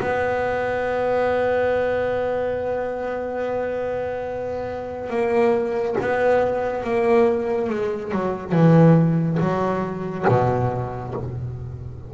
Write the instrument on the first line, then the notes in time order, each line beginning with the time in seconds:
double bass
0.00 B3
5.10 A#3
6.00 B3
6.83 A#3
7.69 G#3
8.12 F#3
8.52 E3
9.39 F#3
10.28 B2